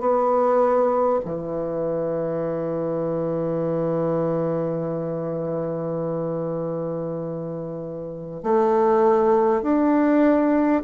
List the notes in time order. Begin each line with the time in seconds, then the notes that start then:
0.00 B3
1.24 E3
8.43 A3
9.62 D4